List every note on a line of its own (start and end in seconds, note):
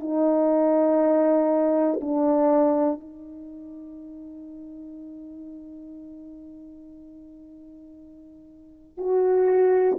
0.00 2.00 D#4
2.01 3.00 D4
3.00 8.98 D#4
8.98 9.98 F#4